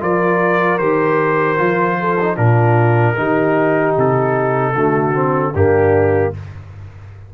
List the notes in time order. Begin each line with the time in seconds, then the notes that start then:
0.00 F3 F4 A#4 D5
0.78 D#3 G4 C5
1.58 F3 F4
2.00 A4
2.20 D#4
2.35 A#2 D4 F4 A#4
3.16 D#3 D#4 G4
3.97 C3 A4
4.74 D3 A3 F#4
5.14 C4
5.52 G2 A#3 D4 G4